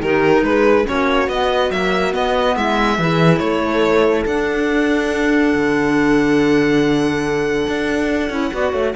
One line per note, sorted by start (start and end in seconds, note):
0.00 0.43 D#3
0.00 0.85 D#4
0.00 0.44 G4
0.00 0.44 A#4
0.43 0.86 G#3
0.43 0.88 G#4
0.43 0.87 B4
0.85 1.29 A#3
0.85 1.27 C#4
0.85 2.56 F#4
0.85 1.29 C#5
1.29 1.71 B3
1.29 1.69 B3
1.29 1.72 D#5
1.69 2.12 F#3
1.69 2.14 A#3
1.69 2.14 E5
2.12 2.98 B3
2.12 2.57 B3
2.12 2.57 D#5
2.56 2.98 G#3
2.56 2.98 E4
2.56 3.39 E5
2.98 3.40 E3
2.98 4.28 E4
2.98 3.43 G#4
3.39 4.25 A3
3.39 8.54 A4
3.39 4.24 C#5
4.26 5.54 D4
4.26 8.31 D4
4.26 8.95 F#5
5.55 7.67 D3
7.68 8.30 D4
8.30 8.52 C#4
8.30 8.52 E4
8.53 8.73 B3
8.53 8.95 F#4
8.53 8.72 D5
8.72 8.95 A3
8.72 8.94 C#5